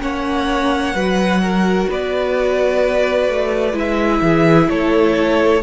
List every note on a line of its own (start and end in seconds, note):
0.00 0.94 A#3
0.00 0.94 C#4
0.00 0.94 C#5
0.00 1.89 F#5
0.94 1.88 F#3
0.94 3.72 F#4
0.94 1.41 B4
1.42 1.88 A#4
1.88 3.28 B3
1.88 4.21 B4
1.88 3.78 D5
3.28 3.73 A3
3.72 4.20 G#3
3.72 5.60 E4
3.72 4.69 E5
4.21 4.68 E3
4.21 4.68 G#4
4.69 5.62 A3
4.69 5.62 A4
4.69 5.62 C#5